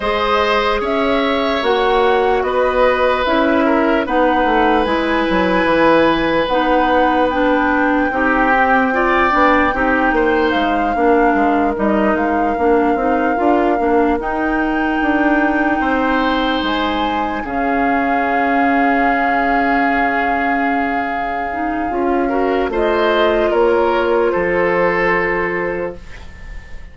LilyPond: <<
  \new Staff \with { instrumentName = "flute" } { \time 4/4 \tempo 4 = 74 dis''4 e''4 fis''4 dis''4 | e''4 fis''4 gis''2 | fis''4 g''2.~ | g''4 f''4. dis''8 f''4~ |
f''4. g''2~ g''8~ | g''8 gis''4 f''2~ f''8~ | f''1 | dis''4 cis''4 c''2 | }
  \new Staff \with { instrumentName = "oboe" } { \time 4/4 c''4 cis''2 b'4~ | b'8 ais'8 b'2.~ | b'2 g'4 d''4 | g'8 c''4 ais'2~ ais'8~ |
ais'2.~ ais'8 c''8~ | c''4. gis'2~ gis'8~ | gis'2.~ gis'8 ais'8 | c''4 ais'4 a'2 | }
  \new Staff \with { instrumentName = "clarinet" } { \time 4/4 gis'2 fis'2 | e'4 dis'4 e'2 | dis'4 d'4 dis'8 c'8 f'8 d'8 | dis'4. d'4 dis'4 d'8 |
dis'8 f'8 d'8 dis'2~ dis'8~ | dis'4. cis'2~ cis'8~ | cis'2~ cis'8 dis'8 f'8 fis'8 | f'1 | }
  \new Staff \with { instrumentName = "bassoon" } { \time 4/4 gis4 cis'4 ais4 b4 | cis'4 b8 a8 gis8 fis8 e4 | b2 c'4. b8 | c'8 ais8 gis8 ais8 gis8 g8 gis8 ais8 |
c'8 d'8 ais8 dis'4 d'4 c'8~ | c'8 gis4 cis2~ cis8~ | cis2. cis'4 | a4 ais4 f2 | }
>>